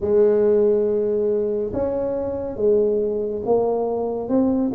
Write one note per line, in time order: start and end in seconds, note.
0.00 1.72 G#3
1.73 2.56 C#4
2.56 3.42 G#3
3.45 4.29 A#3
4.29 4.71 C4